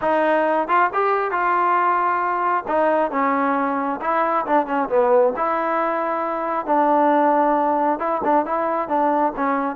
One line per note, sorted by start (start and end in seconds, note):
0.01 0.67 D#4
0.67 0.90 F4
0.93 1.31 G4
1.31 2.64 F4
2.67 3.11 D#4
3.11 4.00 C#4
4.01 4.45 E4
4.46 4.66 D4
4.66 4.88 C#4
4.89 5.33 B3
5.36 6.65 E4
6.65 7.99 D4
7.99 8.21 E4
8.23 8.45 D4
8.45 8.88 E4
8.88 9.33 D4
9.36 9.76 C#4